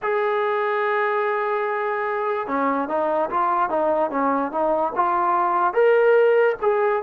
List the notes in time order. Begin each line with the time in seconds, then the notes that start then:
0.02 G#4
2.47 C#4
2.88 D#4
3.30 F4
3.69 D#4
4.10 C#4
4.51 D#4
4.95 F4
5.73 A#4
6.61 G#4